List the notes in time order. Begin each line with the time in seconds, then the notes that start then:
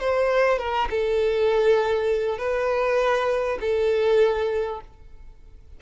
0.00 C5
0.59 A#4
0.90 A4
2.38 B4
3.61 A4